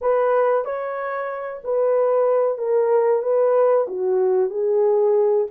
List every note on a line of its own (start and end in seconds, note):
0.01 0.65 B4
0.65 1.61 C#5
1.64 2.58 B4
2.58 3.22 A#4
3.22 3.87 B4
3.87 4.50 F#4
4.50 5.47 G#4